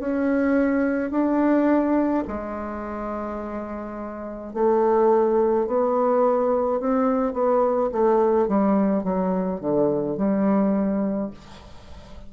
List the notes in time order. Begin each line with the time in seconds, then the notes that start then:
0.00 C#4
1.11 D4
2.28 G#3
4.54 A3
5.67 B3
6.81 C4
7.34 B3
7.92 A3
8.49 G3
9.04 F#3
9.61 D3
10.18 G3